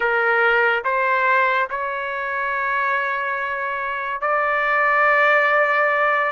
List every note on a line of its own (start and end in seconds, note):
0.00 0.83 A#4
0.84 1.69 C5
1.69 4.21 C#5
4.21 6.31 D5